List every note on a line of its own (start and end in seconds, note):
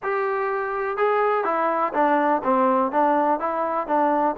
0.02 0.97 G4
0.97 1.44 G#4
1.44 1.92 E4
1.93 2.42 D4
2.43 2.91 C4
2.91 3.39 D4
3.39 3.87 E4
3.87 4.35 D4